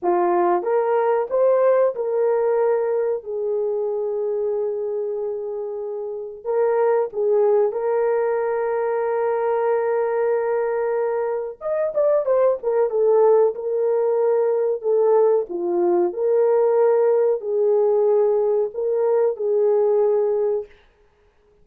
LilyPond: \new Staff \with { instrumentName = "horn" } { \time 4/4 \tempo 4 = 93 f'4 ais'4 c''4 ais'4~ | ais'4 gis'2.~ | gis'2 ais'4 gis'4 | ais'1~ |
ais'2 dis''8 d''8 c''8 ais'8 | a'4 ais'2 a'4 | f'4 ais'2 gis'4~ | gis'4 ais'4 gis'2 | }